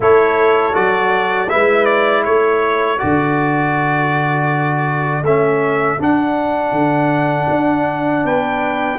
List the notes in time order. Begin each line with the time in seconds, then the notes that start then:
0.00 A3 E4 A4 C#5
0.72 F#3 F#4 D5
1.49 G#3 E4 B4 E5
1.85 D5
2.24 A3 A4 C#5
2.98 D3 F#4 D5
5.22 A3 C#4 E5
5.98 D4 F#5
6.71 D3
7.50 D4
8.24 B3 B4 G5